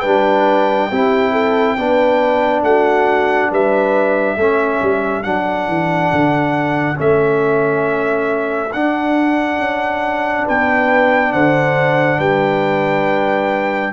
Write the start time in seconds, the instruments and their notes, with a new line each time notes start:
0.00 tuba G3, trombone D4, horn B4, trumpet G5
0.89 tuba C4, trombone E4, horn G4
1.32 horn A4
1.78 tuba B3, trombone D4, horn B4
2.62 tuba A3, horn F#4, trumpet F#5
3.51 tuba G3, horn B4, trumpet E5
4.36 tuba A3, trombone C#4, horn A4
4.82 tuba G3
5.23 tuba F#3, trombone D4, trumpet F#5
5.68 tuba E3
6.12 tuba D3
6.95 tuba A3, trombone C#4, trumpet E5
8.73 tuba D4, trombone D4, trumpet F#5
9.58 tuba C#4
10.45 tuba B3, horn B4, trumpet G5
11.33 tuba D3, horn C5, trumpet F#5
12.18 tuba G3, horn B4, trumpet G5